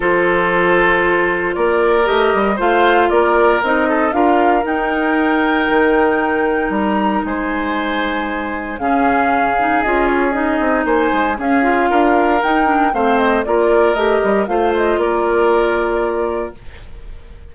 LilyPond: <<
  \new Staff \with { instrumentName = "flute" } { \time 4/4 \tempo 4 = 116 c''2. d''4 | dis''4 f''4 d''4 dis''4 | f''4 g''2.~ | g''4 ais''4 gis''2~ |
gis''4 f''2 dis''8 cis''8 | dis''4 gis''4 f''2 | g''4 f''8 dis''8 d''4 dis''4 | f''8 dis''8 d''2. | }
  \new Staff \with { instrumentName = "oboe" } { \time 4/4 a'2. ais'4~ | ais'4 c''4 ais'4. a'8 | ais'1~ | ais'2 c''2~ |
c''4 gis'2.~ | gis'4 c''4 gis'4 ais'4~ | ais'4 c''4 ais'2 | c''4 ais'2. | }
  \new Staff \with { instrumentName = "clarinet" } { \time 4/4 f'1 | g'4 f'2 dis'4 | f'4 dis'2.~ | dis'1~ |
dis'4 cis'4. dis'8 f'4 | dis'2 cis'8 f'4. | dis'8 d'8 c'4 f'4 g'4 | f'1 | }
  \new Staff \with { instrumentName = "bassoon" } { \time 4/4 f2. ais4 | a8 g8 a4 ais4 c'4 | d'4 dis'2 dis4~ | dis4 g4 gis2~ |
gis4 cis2 cis'4~ | cis'8 c'8 ais8 gis8 cis'4 d'4 | dis'4 a4 ais4 a8 g8 | a4 ais2. | }
>>